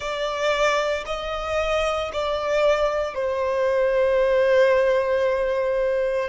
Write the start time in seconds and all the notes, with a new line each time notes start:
0.00 D5
1.05 D#5
2.12 D5
3.14 C5